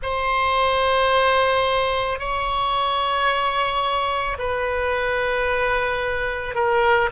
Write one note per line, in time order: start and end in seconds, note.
0.02 2.19 C5
2.19 4.37 C#5
4.38 6.55 B4
6.55 7.09 A#4